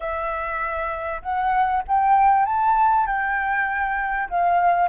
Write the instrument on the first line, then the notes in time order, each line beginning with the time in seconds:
flute
0.00 E5
1.21 F#5
1.87 G5
2.45 A5
3.06 G5
4.29 F5